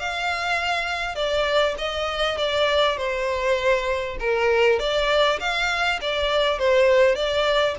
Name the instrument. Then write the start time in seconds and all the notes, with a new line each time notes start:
violin
0.00 F5
1.16 D5
1.79 D#5
2.38 D5
2.98 C5
4.20 A#4
4.80 D5
5.40 F5
6.02 D5
6.59 C5
7.16 D5